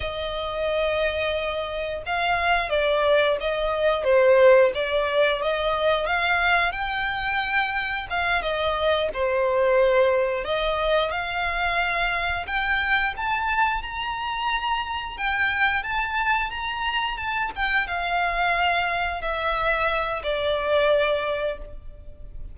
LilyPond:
\new Staff \with { instrumentName = "violin" } { \time 4/4 \tempo 4 = 89 dis''2. f''4 | d''4 dis''4 c''4 d''4 | dis''4 f''4 g''2 | f''8 dis''4 c''2 dis''8~ |
dis''8 f''2 g''4 a''8~ | a''8 ais''2 g''4 a''8~ | a''8 ais''4 a''8 g''8 f''4.~ | f''8 e''4. d''2 | }